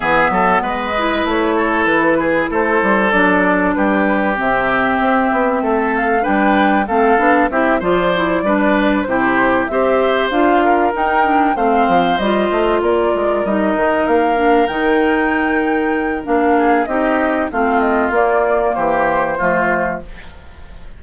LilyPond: <<
  \new Staff \with { instrumentName = "flute" } { \time 4/4 \tempo 4 = 96 e''4 dis''4 cis''4 b'4 | c''4 d''4 b'4 e''4~ | e''4. f''8 g''4 f''4 | e''8 d''2 c''4 e''8~ |
e''8 f''4 g''4 f''4 dis''8~ | dis''8 d''4 dis''4 f''4 g''8~ | g''2 f''4 dis''4 | f''8 dis''8 d''4 c''2 | }
  \new Staff \with { instrumentName = "oboe" } { \time 4/4 gis'8 a'8 b'4. a'4 gis'8 | a'2 g'2~ | g'4 a'4 b'4 a'4 | g'8 c''4 b'4 g'4 c''8~ |
c''4 ais'4. c''4.~ | c''8 ais'2.~ ais'8~ | ais'2~ ais'8 gis'8 g'4 | f'2 g'4 f'4 | }
  \new Staff \with { instrumentName = "clarinet" } { \time 4/4 b4. e'2~ e'8~ | e'4 d'2 c'4~ | c'2 d'4 c'8 d'8 | e'8 f'8 e'8 d'4 e'4 g'8~ |
g'8 f'4 dis'8 d'8 c'4 f'8~ | f'4. dis'4. d'8 dis'8~ | dis'2 d'4 dis'4 | c'4 ais2 a4 | }
  \new Staff \with { instrumentName = "bassoon" } { \time 4/4 e8 fis8 gis4 a4 e4 | a8 g8 fis4 g4 c4 | c'8 b8 a4 g4 a8 b8 | c'8 f4 g4 c4 c'8~ |
c'8 d'4 dis'4 a8 f8 g8 | a8 ais8 gis8 g8 dis8 ais4 dis8~ | dis2 ais4 c'4 | a4 ais4 e4 f4 | }
>>